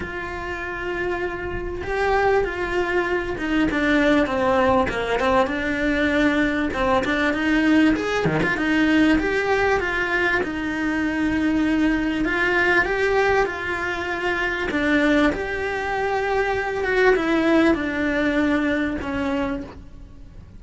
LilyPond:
\new Staff \with { instrumentName = "cello" } { \time 4/4 \tempo 4 = 98 f'2. g'4 | f'4. dis'8 d'4 c'4 | ais8 c'8 d'2 c'8 d'8 | dis'4 gis'8 dis16 f'16 dis'4 g'4 |
f'4 dis'2. | f'4 g'4 f'2 | d'4 g'2~ g'8 fis'8 | e'4 d'2 cis'4 | }